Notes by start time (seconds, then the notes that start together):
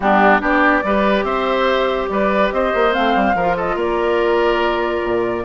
0.00 G3 B3 D4 G4
0.39 B3 D4 G4 D5
0.83 G3 G4 B4
1.23 C4 C5 E5
2.08 G3 B4 D5
2.52 C4 C5 D#5
2.74 A#3
2.92 A3 C4 F5
3.15 G3
3.35 F3 F4 A#4
3.56 A4 D#5
3.75 A#3 A#4 D5
5.03 A#2